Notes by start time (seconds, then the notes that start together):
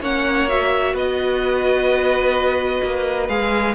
0.00 A#3 C#4 C#5 F#5
0.48 F#4 E5
0.93 B3 B4 D#5
2.83 A#3
3.28 G#3 G#4 F5